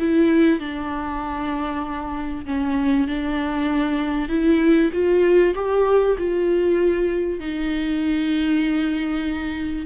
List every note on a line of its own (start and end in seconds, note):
0.00 0.60 E4
0.60 2.45 D4
2.46 3.08 C#4
3.08 4.29 D4
4.29 4.91 E4
4.93 5.55 F4
5.55 6.17 G4
6.18 7.40 F4
7.40 9.86 D#4